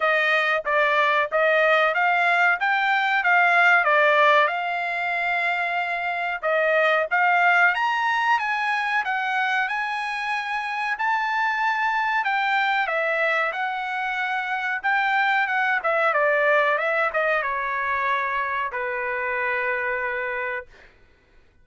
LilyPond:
\new Staff \with { instrumentName = "trumpet" } { \time 4/4 \tempo 4 = 93 dis''4 d''4 dis''4 f''4 | g''4 f''4 d''4 f''4~ | f''2 dis''4 f''4 | ais''4 gis''4 fis''4 gis''4~ |
gis''4 a''2 g''4 | e''4 fis''2 g''4 | fis''8 e''8 d''4 e''8 dis''8 cis''4~ | cis''4 b'2. | }